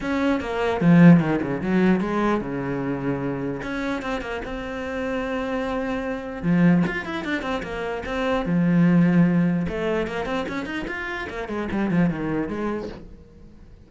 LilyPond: \new Staff \with { instrumentName = "cello" } { \time 4/4 \tempo 4 = 149 cis'4 ais4 f4 dis8 cis8 | fis4 gis4 cis2~ | cis4 cis'4 c'8 ais8 c'4~ | c'1 |
f4 f'8 e'8 d'8 c'8 ais4 | c'4 f2. | a4 ais8 c'8 cis'8 dis'8 f'4 | ais8 gis8 g8 f8 dis4 gis4 | }